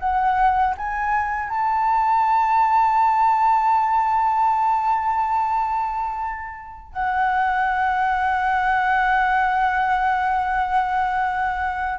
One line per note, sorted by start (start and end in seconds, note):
0.00 0.75 F#5
0.77 1.50 G#5
1.50 6.93 A5
6.93 11.99 F#5